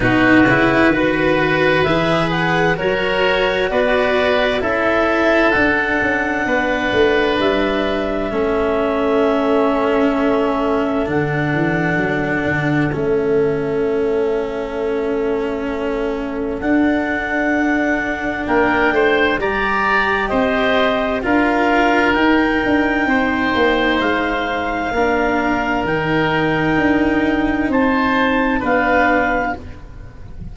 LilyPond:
<<
  \new Staff \with { instrumentName = "clarinet" } { \time 4/4 \tempo 4 = 65 b'2 e''8 fis''8 cis''4 | d''4 e''4 fis''2 | e''1 | fis''2 e''2~ |
e''2 fis''2 | g''4 ais''4 dis''4 f''4 | g''2 f''2 | g''2 a''4 f''4 | }
  \new Staff \with { instrumentName = "oboe" } { \time 4/4 fis'4 b'2 ais'4 | b'4 a'2 b'4~ | b'4 a'2.~ | a'1~ |
a'1 | ais'8 c''8 d''4 c''4 ais'4~ | ais'4 c''2 ais'4~ | ais'2 c''4 b'4 | }
  \new Staff \with { instrumentName = "cello" } { \time 4/4 dis'8 e'8 fis'4 gis'4 fis'4~ | fis'4 e'4 d'2~ | d'4 cis'2. | d'2 cis'2~ |
cis'2 d'2~ | d'4 g'2 f'4 | dis'2. d'4 | dis'2. d'4 | }
  \new Staff \with { instrumentName = "tuba" } { \time 4/4 b,8 cis8 dis4 e4 fis4 | b4 cis'4 d'8 cis'8 b8 a8 | g4 a2. | d8 e8 fis8 d8 a2~ |
a2 d'2 | ais8 a8 g4 c'4 d'4 | dis'8 d'8 c'8 ais8 gis4 ais4 | dis4 d'4 c'4 b4 | }
>>